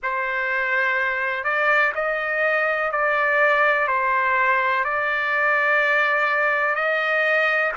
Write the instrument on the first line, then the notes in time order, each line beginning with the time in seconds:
trumpet
0.02 C5
1.43 D5
1.94 D#5
2.91 D5
3.87 C5
4.84 D5
6.75 D#5